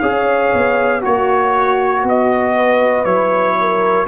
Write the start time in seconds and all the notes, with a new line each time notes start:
0.00 C#4 G#4 C#5 F5
0.54 B3
1.02 A#3 F#4 C#5
2.04 B3 D#5
2.56 B4
3.05 F#3 E4 C#5
3.61 A#4